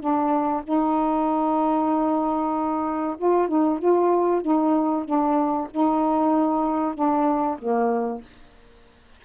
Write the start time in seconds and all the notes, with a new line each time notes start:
0.00 D4
0.64 D#4
3.18 F4
3.49 D#4
3.80 F4
4.42 D#4
5.05 D4
5.71 D#4
6.95 D4
7.59 A#3